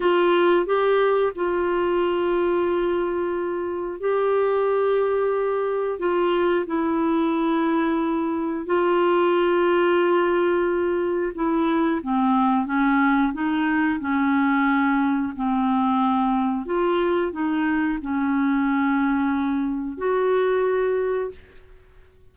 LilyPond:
\new Staff \with { instrumentName = "clarinet" } { \time 4/4 \tempo 4 = 90 f'4 g'4 f'2~ | f'2 g'2~ | g'4 f'4 e'2~ | e'4 f'2.~ |
f'4 e'4 c'4 cis'4 | dis'4 cis'2 c'4~ | c'4 f'4 dis'4 cis'4~ | cis'2 fis'2 | }